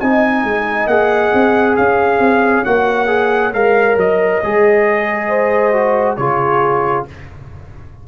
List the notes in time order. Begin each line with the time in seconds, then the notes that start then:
0.00 C4 D#4 D#5 G#5
0.44 G#3
0.86 A#3 G#4 F#5
1.33 C4
1.76 C#4 C#5 F5
2.19 C4
2.64 A#3 F#4 F#5
3.07 G#4
3.53 G#3 A#4 F5
3.97 F#3 D#5
4.43 G#3 G#4
5.28 C5
5.73 F#4
6.16 C#3 F4 G#4 C#5